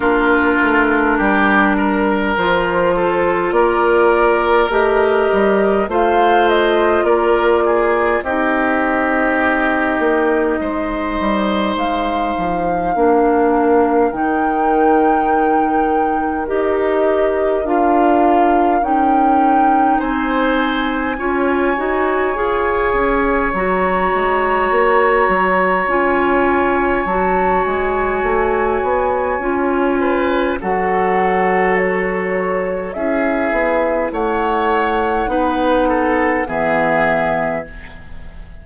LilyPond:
<<
  \new Staff \with { instrumentName = "flute" } { \time 4/4 \tempo 4 = 51 ais'2 c''4 d''4 | dis''4 f''8 dis''8 d''4 dis''4~ | dis''2 f''2 | g''2 dis''4 f''4 |
g''4 gis''2. | ais''2 gis''4 a''8 gis''8~ | gis''2 fis''4 cis''4 | e''4 fis''2 e''4 | }
  \new Staff \with { instrumentName = "oboe" } { \time 4/4 f'4 g'8 ais'4 a'8 ais'4~ | ais'4 c''4 ais'8 gis'8 g'4~ | g'4 c''2 ais'4~ | ais'1~ |
ais'4 c''4 cis''2~ | cis''1~ | cis''4. b'8 a'2 | gis'4 cis''4 b'8 a'8 gis'4 | }
  \new Staff \with { instrumentName = "clarinet" } { \time 4/4 d'2 f'2 | g'4 f'2 dis'4~ | dis'2. d'4 | dis'2 g'4 f'4 |
dis'2 f'8 fis'8 gis'4 | fis'2 f'4 fis'4~ | fis'4 f'4 fis'2 | e'2 dis'4 b4 | }
  \new Staff \with { instrumentName = "bassoon" } { \time 4/4 ais8 a8 g4 f4 ais4 | a8 g8 a4 ais4 c'4~ | c'8 ais8 gis8 g8 gis8 f8 ais4 | dis2 dis'4 d'4 |
cis'4 c'4 cis'8 dis'8 f'8 cis'8 | fis8 gis8 ais8 fis8 cis'4 fis8 gis8 | a8 b8 cis'4 fis2 | cis'8 b8 a4 b4 e4 | }
>>